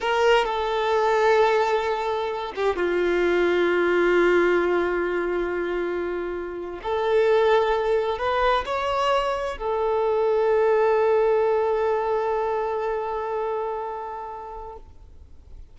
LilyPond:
\new Staff \with { instrumentName = "violin" } { \time 4/4 \tempo 4 = 130 ais'4 a'2.~ | a'4. g'8 f'2~ | f'1~ | f'2~ f'8. a'4~ a'16~ |
a'4.~ a'16 b'4 cis''4~ cis''16~ | cis''8. a'2.~ a'16~ | a'1~ | a'1 | }